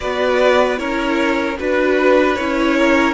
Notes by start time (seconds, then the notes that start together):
0.00 B3 F#4 B4 D5
0.77 C#4 E4 A#4 C#5
1.57 D4 F#4 B4
2.35 C#4 E4 C#5
2.77 A#4